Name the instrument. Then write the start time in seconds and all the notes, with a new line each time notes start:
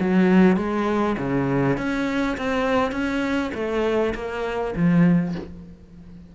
cello
0.00 F#3
0.57 G#3
1.18 C#3
1.77 C#4
2.37 C4
2.92 C#4
3.54 A3
4.14 A#3
4.76 F3